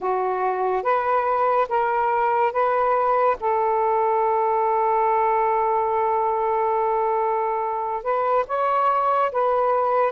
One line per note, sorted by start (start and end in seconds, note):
0.00 0.83 F#4
0.83 1.67 B4
1.69 2.52 A#4
2.52 3.36 B4
3.40 8.03 A4
8.03 8.45 B4
8.47 9.31 C#5
9.31 10.12 B4